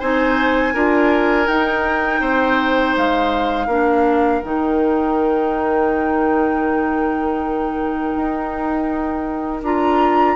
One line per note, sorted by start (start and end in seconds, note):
0.00 0.75 C4
0.00 0.75 D#4
0.00 0.74 C5
0.00 1.48 G#5
0.74 1.48 D4
0.74 1.47 F4
0.74 2.21 A#4
1.47 3.69 D#4
1.47 2.21 D#4
1.47 2.96 G5
2.21 2.95 C4
2.21 3.67 C5
2.97 3.67 G#3
2.97 4.42 F5
3.67 4.41 A#3
3.67 4.43 D4
3.67 10.34 A#4
4.42 8.15 D#3
4.42 9.62 D#4
4.42 9.61 G5
8.16 9.62 D#4
9.62 10.36 D4
9.62 10.36 F4
9.62 10.36 A#5